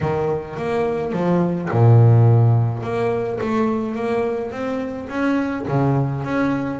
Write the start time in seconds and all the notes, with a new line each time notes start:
0.01 D#3
0.56 A#3
1.12 F3
1.71 A#2
2.82 A#3
3.40 A3
3.95 A#3
4.51 C4
5.09 C#4
5.68 C#3
6.24 C#4